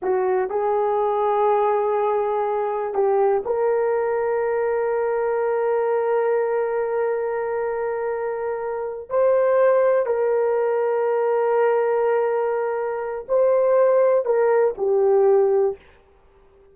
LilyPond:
\new Staff \with { instrumentName = "horn" } { \time 4/4 \tempo 4 = 122 fis'4 gis'2.~ | gis'2 g'4 ais'4~ | ais'1~ | ais'1~ |
ais'2~ ais'8 c''4.~ | c''8 ais'2.~ ais'8~ | ais'2. c''4~ | c''4 ais'4 g'2 | }